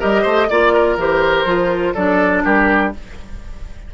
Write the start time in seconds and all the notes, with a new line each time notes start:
0.00 G3 G4 A#4 D#5
0.22 A3 C5
0.49 A#3 F4 D5
0.73 A#4
0.97 E3 G4 C5
1.45 F3 F4
1.95 F#3 D4 A4 D5
2.45 G3 G4 A#4